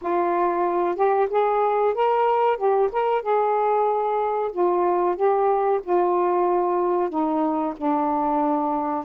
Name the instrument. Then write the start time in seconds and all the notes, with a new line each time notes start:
saxophone
0.01 F4
0.95 G4
1.30 G#4
1.94 A#4
2.57 G4
2.91 A#4
3.22 G#4
4.52 F4
5.16 G4
5.83 F4
7.09 D#4
7.76 D4